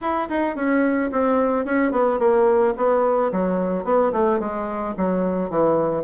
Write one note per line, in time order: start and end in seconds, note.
0.01 0.28 E4
0.29 0.55 D#4
0.55 1.10 C#4
1.11 1.65 C4
1.65 1.91 C#4
1.91 2.19 B3
2.19 2.74 A#3
2.76 3.31 B3
3.32 3.84 F#3
3.84 4.12 B3
4.12 4.39 A3
4.39 4.94 G#3
4.97 5.50 F#3
5.50 6.04 E3